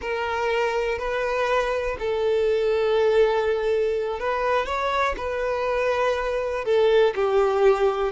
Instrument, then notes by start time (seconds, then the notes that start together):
violin
0.01 A#4
0.98 B4
1.99 A4
4.19 B4
4.66 C#5
5.17 B4
6.64 A4
7.15 G4